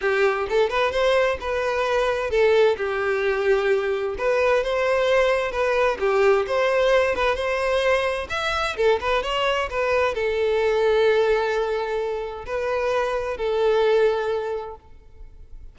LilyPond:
\new Staff \with { instrumentName = "violin" } { \time 4/4 \tempo 4 = 130 g'4 a'8 b'8 c''4 b'4~ | b'4 a'4 g'2~ | g'4 b'4 c''2 | b'4 g'4 c''4. b'8 |
c''2 e''4 a'8 b'8 | cis''4 b'4 a'2~ | a'2. b'4~ | b'4 a'2. | }